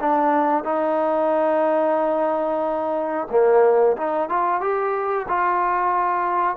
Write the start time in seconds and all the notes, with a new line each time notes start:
0.00 D4
0.64 D#4
3.30 A#3
3.97 D#4
4.29 F4
4.61 G4
5.28 F4